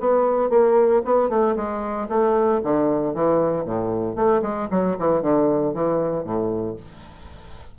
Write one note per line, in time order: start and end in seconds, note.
0.00 0.50 B3
0.50 1.02 A#3
1.05 1.29 B3
1.29 1.55 A3
1.56 2.08 G#3
2.09 2.61 A3
2.64 3.14 D3
3.14 3.65 E3
3.65 4.16 A2
4.16 4.42 A3
4.42 4.68 G#3
4.71 4.97 F#3
4.99 5.22 E3
5.22 5.74 D3
5.74 6.24 E3
6.24 6.76 A2